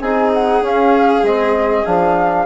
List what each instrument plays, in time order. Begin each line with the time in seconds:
0.00 bassoon C4, trombone D#4, violin G#4, flute G#5
0.34 flute F#5
0.61 bassoon C#4, trombone C#4, flute F5
1.23 bassoon G#3, trombone C4, flute D#5
1.85 bassoon F3, trombone D4, flute F5